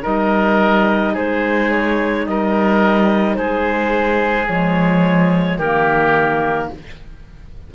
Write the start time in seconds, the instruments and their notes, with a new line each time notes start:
0.00 clarinet D#4 D#5, oboe A#4
0.06 cello G3
1.13 cello G#3, oboe G#4, clarinet C5
1.71 clarinet C#5
2.26 cello G3, oboe A#4, clarinet D#5
3.35 cello G#3, oboe G#4, clarinet C5
4.48 cello F3, clarinet G#3 C#5
5.58 cello D#3, clarinet A#3 A#4, oboe G4